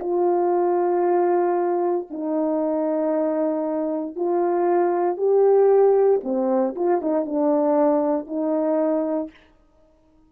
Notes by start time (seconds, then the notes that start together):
0.00 F4
2.11 D#4
4.16 F4
5.17 G4
6.24 C4
6.76 F4
7.02 D#4
7.26 D4
8.27 D#4